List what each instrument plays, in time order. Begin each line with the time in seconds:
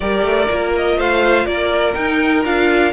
0.00 cello G3, viola G4, violin A#4 D5
0.22 cello A3
0.49 cello A#3, viola F4
0.76 violin D#5
0.96 cello A3, violin C5 F5
1.46 cello A#3, violin A#4 D5
1.93 viola D#4, cello D#4, violin G5
2.45 cello D4, viola F4, violin F5